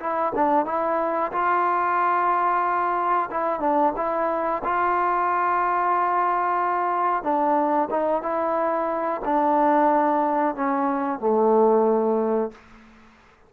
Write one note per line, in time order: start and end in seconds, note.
0.00 0.33 E4
0.35 0.66 D4
0.66 1.32 E4
1.32 3.30 F4
3.31 3.60 E4
3.60 3.93 D4
3.97 4.63 E4
4.64 7.23 F4
7.23 7.89 D4
7.90 8.23 D#4
8.23 9.22 E4
9.25 10.56 D4
10.56 11.20 C#4
11.20 12.52 A3